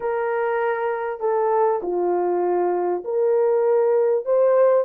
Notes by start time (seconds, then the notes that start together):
0.00 A#4
1.20 A4
1.82 F4
3.04 A#4
4.25 C5